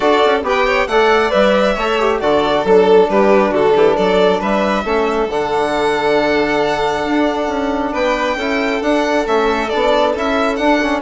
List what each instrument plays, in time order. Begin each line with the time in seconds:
0.00 bassoon D4, trombone F#4, violin A4 D5
0.25 bassoon C#4
0.42 bassoon B3, trombone G4, violin B4
0.48 violin G5
0.66 violin C#5
0.86 bassoon A3, trombone A4, violin D5 F#5
1.29 bassoon G3, trombone B4, violin E5
1.74 bassoon A3, trombone A4, violin C#5
1.99 trombone G4
2.20 bassoon D3, trombone F#4, violin A4 D5
2.64 bassoon F#3, trombone D4, violin A4
3.08 bassoon G3, violin G4 B4
3.51 bassoon D3, violin F#4 A4
3.75 bassoon E3, violin G4
3.96 bassoon F#3, violin A4 D5
4.40 bassoon G3, violin B4 E5
4.84 bassoon A3, trombone C#4, violin A4
5.29 bassoon D3, trombone D4, violin F#5
7.05 bassoon D4
7.47 bassoon C#4
7.92 bassoon B3, violin B4 G5
8.35 bassoon C#4, trombone E4, violin A4
8.81 bassoon D4, trombone D4, violin F#5
9.25 bassoon A3, trombone C#4, violin E5
9.69 bassoon B3, trombone D4, violin D5
10.15 bassoon C#4, trombone E4, violin E5
10.56 trombone D4, bassoon D4, violin F#5
10.82 trombone C#4